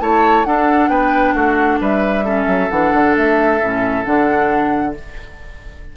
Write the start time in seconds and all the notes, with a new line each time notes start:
0.00 A3 E4 C#5 A5
0.44 D4 A4 F#5
0.89 B3 B4 G5
1.33 A3 F#4 F#5
1.80 G3 B4 E5
2.25 C#4 A4
2.47 F#3
2.70 E3 D4 F#5
2.94 D3
3.17 A3 E5
3.61 A2 C#4
4.04 D3 D4 F#5